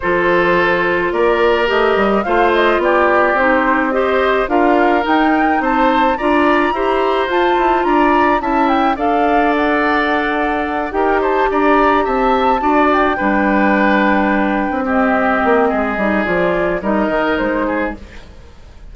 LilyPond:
<<
  \new Staff \with { instrumentName = "flute" } { \time 4/4 \tempo 4 = 107 c''2 d''4 dis''4 | f''8 dis''8 d''4 c''4 dis''4 | f''4 g''4 a''4 ais''4~ | ais''4 a''4 ais''4 a''8 g''8 |
f''4 fis''2~ fis''8 g''8 | a''8 ais''4 a''4. g''4~ | g''2~ g''8 dis''4.~ | dis''4 d''4 dis''4 c''4 | }
  \new Staff \with { instrumentName = "oboe" } { \time 4/4 a'2 ais'2 | c''4 g'2 c''4 | ais'2 c''4 d''4 | c''2 d''4 e''4 |
d''2.~ d''8 ais'8 | c''8 d''4 e''4 d''4 b'8~ | b'2~ b'8 g'4. | gis'2 ais'4. gis'8 | }
  \new Staff \with { instrumentName = "clarinet" } { \time 4/4 f'2. g'4 | f'2 dis'4 g'4 | f'4 dis'2 f'4 | g'4 f'2 e'4 |
a'2.~ a'8 g'8~ | g'2~ g'8 fis'4 d'8~ | d'2~ d'8 c'4.~ | c'8 dis'8 f'4 dis'2 | }
  \new Staff \with { instrumentName = "bassoon" } { \time 4/4 f2 ais4 a8 g8 | a4 b4 c'2 | d'4 dis'4 c'4 d'4 | e'4 f'8 e'8 d'4 cis'4 |
d'2.~ d'8 dis'8~ | dis'8 d'4 c'4 d'4 g8~ | g2~ g16 c'4~ c'16 ais8 | gis8 g8 f4 g8 dis8 gis4 | }
>>